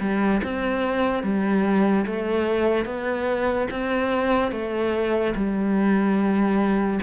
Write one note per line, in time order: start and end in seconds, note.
0.00 0.41 G3
0.43 1.23 C4
1.23 2.05 G3
2.06 2.85 A3
2.85 3.68 B3
3.71 4.52 C4
4.52 5.34 A3
5.35 7.00 G3